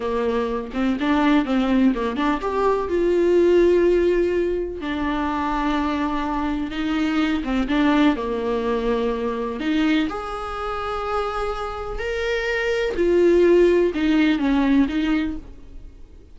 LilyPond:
\new Staff \with { instrumentName = "viola" } { \time 4/4 \tempo 4 = 125 ais4. c'8 d'4 c'4 | ais8 d'8 g'4 f'2~ | f'2 d'2~ | d'2 dis'4. c'8 |
d'4 ais2. | dis'4 gis'2.~ | gis'4 ais'2 f'4~ | f'4 dis'4 cis'4 dis'4 | }